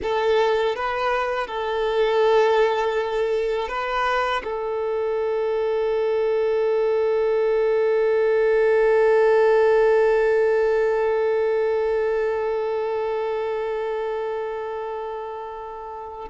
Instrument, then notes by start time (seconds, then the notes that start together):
violin
0.02 A4
0.75 B4
1.47 A4
3.68 B4
4.43 A4